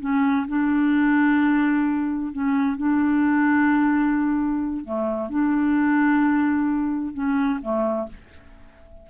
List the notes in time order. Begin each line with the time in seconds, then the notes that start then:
0.00 C#4
0.48 D4
2.32 C#4
2.77 D4
4.84 A3
5.30 D4
7.13 C#4
7.62 A3